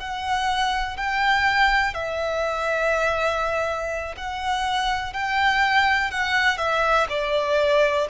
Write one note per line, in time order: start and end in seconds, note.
0.00 0.97 F#5
0.97 1.94 G5
1.94 4.15 E5
4.17 5.13 F#5
5.13 6.11 G5
6.11 6.58 F#5
6.58 7.07 E5
7.09 8.07 D5